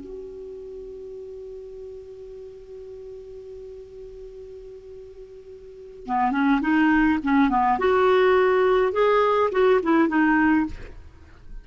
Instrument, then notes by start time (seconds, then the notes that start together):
clarinet
0.00 F#4
6.06 B3
6.31 C#4
6.61 D#4
7.23 C#4
7.49 B3
7.78 F#4
8.92 G#4
9.51 F#4
9.83 E4
10.08 D#4